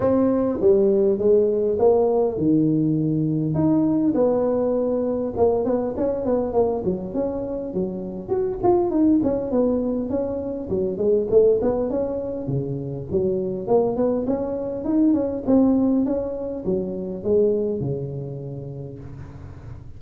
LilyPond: \new Staff \with { instrumentName = "tuba" } { \time 4/4 \tempo 4 = 101 c'4 g4 gis4 ais4 | dis2 dis'4 b4~ | b4 ais8 b8 cis'8 b8 ais8 fis8 | cis'4 fis4 fis'8 f'8 dis'8 cis'8 |
b4 cis'4 fis8 gis8 a8 b8 | cis'4 cis4 fis4 ais8 b8 | cis'4 dis'8 cis'8 c'4 cis'4 | fis4 gis4 cis2 | }